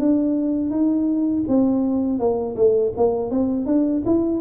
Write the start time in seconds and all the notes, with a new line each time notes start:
0.00 D4
0.71 D#4
1.48 C4
2.20 A#3
2.56 A3
2.97 A#3
3.31 C4
3.67 D4
4.06 E4